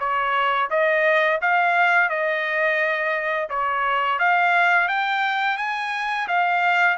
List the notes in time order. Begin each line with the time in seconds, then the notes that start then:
0.00 C#5
0.70 D#5
1.41 F5
2.10 D#5
3.50 C#5
4.19 F5
4.88 G5
5.58 G#5
6.28 F5